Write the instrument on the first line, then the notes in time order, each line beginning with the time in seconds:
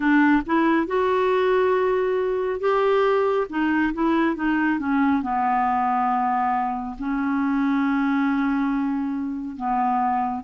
clarinet
0.00 D4
0.46 E4
0.87 F#4
2.60 G4
3.49 D#4
3.93 E4
4.35 D#4
4.79 C#4
5.22 B3
6.98 C#4
9.56 B3